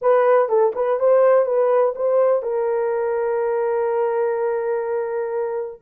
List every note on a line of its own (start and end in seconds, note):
0.01 0.48 B4
0.48 0.73 A4
0.75 0.99 B4
0.99 1.45 C5
1.45 1.94 B4
1.95 2.42 C5
2.42 5.81 A#4